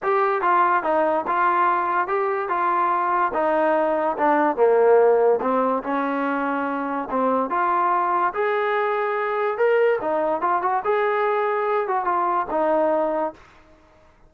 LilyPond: \new Staff \with { instrumentName = "trombone" } { \time 4/4 \tempo 4 = 144 g'4 f'4 dis'4 f'4~ | f'4 g'4 f'2 | dis'2 d'4 ais4~ | ais4 c'4 cis'2~ |
cis'4 c'4 f'2 | gis'2. ais'4 | dis'4 f'8 fis'8 gis'2~ | gis'8 fis'8 f'4 dis'2 | }